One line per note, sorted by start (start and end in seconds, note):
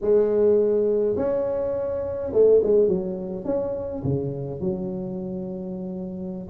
0.01 1.16 G#3
1.16 2.31 C#4
2.32 2.61 A3
2.63 2.87 G#3
2.87 3.45 F#3
3.45 4.02 C#4
4.03 4.60 C#3
4.60 6.47 F#3